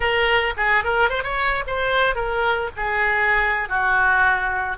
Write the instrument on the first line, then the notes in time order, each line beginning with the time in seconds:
oboe
0.00 A#4
0.56 G#4
0.84 A#4
1.09 C5
1.23 C#5
1.66 C5
2.15 A#4
2.76 G#4
3.68 F#4